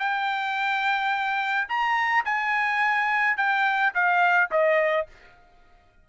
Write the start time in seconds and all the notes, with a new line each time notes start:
0.00 G5
1.69 A#5
2.26 G#5
3.37 G5
3.95 F5
4.52 D#5